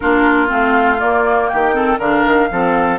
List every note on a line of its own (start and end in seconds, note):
0.00 0.51 A#3
0.00 0.48 D4
0.00 1.51 F4
0.00 0.48 A#4
0.48 1.01 A3
0.48 0.98 C4
0.48 0.99 F5
0.99 1.73 A#3
0.99 1.51 A#3
0.99 1.48 D5
1.48 1.99 D#3
1.48 1.74 G4
1.48 1.98 G5
1.73 1.98 C4
1.73 1.98 A4
1.98 2.24 D3
1.98 2.50 D4
1.98 2.48 A#4
1.98 2.99 F5
2.25 2.50 D#3
2.50 2.99 F3
2.50 2.99 C4
2.50 2.99 A4